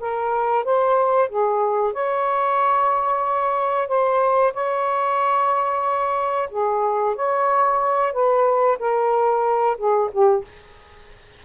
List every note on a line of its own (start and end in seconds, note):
0.00 0.64 A#4
0.64 1.29 C5
1.29 1.94 G#4
1.94 3.88 C#5
3.88 4.53 C5
4.54 6.49 C#5
6.51 7.15 G#4
7.15 8.13 C#5
8.13 8.78 B4
8.80 9.77 A#4
9.78 10.11 G#4
10.12 10.45 G4